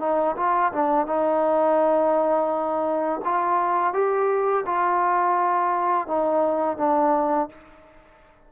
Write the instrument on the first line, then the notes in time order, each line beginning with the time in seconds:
trombone
0.00 D#4
0.37 F4
0.73 D4
1.07 D#4
3.25 F4
3.94 G4
4.66 F4
6.07 D#4
6.78 D4